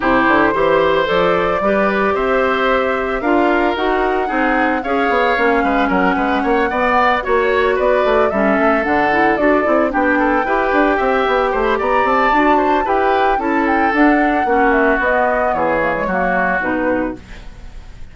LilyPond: <<
  \new Staff \with { instrumentName = "flute" } { \time 4/4 \tempo 4 = 112 c''2 d''2 | e''2 f''4 fis''4~ | fis''4 f''2 fis''4~ | fis''4. cis''4 d''4 e''8~ |
e''8 fis''4 d''4 g''4.~ | g''4.~ g''16 b''16 ais''8 a''4. | g''4 a''8 g''8 fis''4. e''8 | dis''4 cis''2 b'4 | }
  \new Staff \with { instrumentName = "oboe" } { \time 4/4 g'4 c''2 b'4 | c''2 ais'2 | gis'4 cis''4. b'8 ais'8 b'8 | cis''8 d''4 cis''4 b'4 a'8~ |
a'2~ a'8 g'8 a'8 b'8~ | b'8 e''4 c''8 d''4. c''8 | b'4 a'2 fis'4~ | fis'4 gis'4 fis'2 | }
  \new Staff \with { instrumentName = "clarinet" } { \time 4/4 e'4 g'4 a'4 g'4~ | g'2 f'4 fis'4 | dis'4 gis'4 cis'2~ | cis'8 b4 fis'2 cis'8~ |
cis'8 d'8 e'8 fis'8 e'8 d'4 g'8~ | g'2. fis'4 | g'4 e'4 d'4 cis'4 | b4. ais16 gis16 ais4 dis'4 | }
  \new Staff \with { instrumentName = "bassoon" } { \time 4/4 c8 d8 e4 f4 g4 | c'2 d'4 dis'4 | c'4 cis'8 b8 ais8 gis8 fis8 gis8 | ais8 b4 ais4 b8 a8 g8 |
a8 d4 d'8 c'8 b4 e'8 | d'8 c'8 b8 a8 b8 c'8 d'4 | e'4 cis'4 d'4 ais4 | b4 e4 fis4 b,4 | }
>>